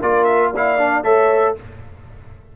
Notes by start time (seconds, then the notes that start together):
0.00 A#3 F4 A#4 D5
0.25 E5
0.52 E4 D5 F5
0.78 D4
1.04 A3 A4 C#5 E5